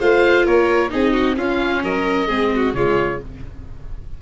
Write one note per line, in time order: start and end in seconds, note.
0.00 0.47 A3
0.00 0.90 F4
0.00 0.45 C5
0.00 0.46 F5
0.45 0.92 A#3
0.45 0.91 A#4
0.45 0.91 C#5
0.90 1.38 C4
0.90 1.35 D#4
0.90 1.13 G#4
0.90 1.37 D#5
1.13 1.36 F#4
1.37 2.27 C#4
1.37 1.83 C#4
1.37 1.83 F4
1.37 1.83 F5
1.84 2.29 F#3
1.84 2.27 A#4
1.84 2.74 D#5
2.27 2.74 G#3
2.27 2.73 C4
2.27 2.50 G#4
2.55 2.76 F#4
2.74 3.19 C#3
2.74 3.20 G#3
2.74 3.22 F4
2.74 3.19 C#5